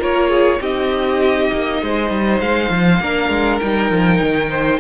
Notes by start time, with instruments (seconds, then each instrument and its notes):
0.00 cello A#3, viola F4, violin A#4 C#5
0.29 violin G#4
0.60 cello C4, viola D#4, violin G4 D#5
1.52 cello A#3
1.82 cello G#3, violin C5
2.11 cello G3
2.41 cello G#3, violin F5
2.70 cello F3
3.00 cello A#3, viola D4, violin A#4
3.30 cello G#3
3.60 cello G3, viola D#4, violin G5
3.91 cello F3
4.22 cello D#3
4.50 violin C5